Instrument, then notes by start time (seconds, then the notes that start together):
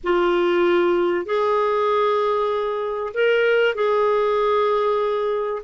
clarinet
0.03 F4
1.25 G#4
3.13 A#4
3.74 G#4